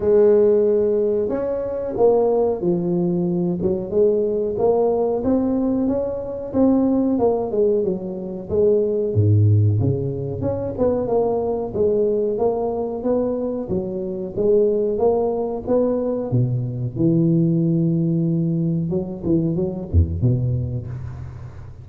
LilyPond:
\new Staff \with { instrumentName = "tuba" } { \time 4/4 \tempo 4 = 92 gis2 cis'4 ais4 | f4. fis8 gis4 ais4 | c'4 cis'4 c'4 ais8 gis8 | fis4 gis4 gis,4 cis4 |
cis'8 b8 ais4 gis4 ais4 | b4 fis4 gis4 ais4 | b4 b,4 e2~ | e4 fis8 e8 fis8 e,8 b,4 | }